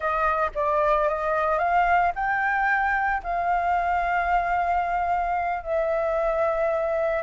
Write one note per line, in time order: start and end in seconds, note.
0.00 0.50 D#5
0.55 1.08 D5
1.08 1.58 D#5
1.58 2.12 F5
2.15 3.22 G5
3.23 5.63 F5
5.63 7.23 E5